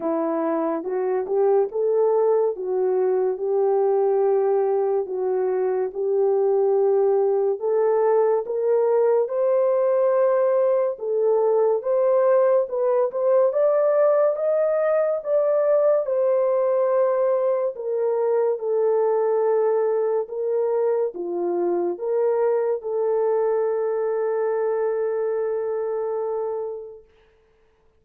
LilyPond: \new Staff \with { instrumentName = "horn" } { \time 4/4 \tempo 4 = 71 e'4 fis'8 g'8 a'4 fis'4 | g'2 fis'4 g'4~ | g'4 a'4 ais'4 c''4~ | c''4 a'4 c''4 b'8 c''8 |
d''4 dis''4 d''4 c''4~ | c''4 ais'4 a'2 | ais'4 f'4 ais'4 a'4~ | a'1 | }